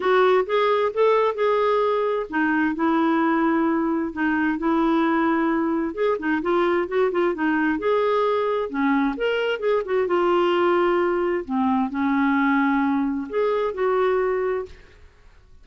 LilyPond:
\new Staff \with { instrumentName = "clarinet" } { \time 4/4 \tempo 4 = 131 fis'4 gis'4 a'4 gis'4~ | gis'4 dis'4 e'2~ | e'4 dis'4 e'2~ | e'4 gis'8 dis'8 f'4 fis'8 f'8 |
dis'4 gis'2 cis'4 | ais'4 gis'8 fis'8 f'2~ | f'4 c'4 cis'2~ | cis'4 gis'4 fis'2 | }